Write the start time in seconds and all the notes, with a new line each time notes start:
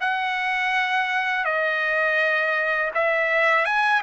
0.00 F#5
1.44 D#5
2.94 E5
3.65 G#5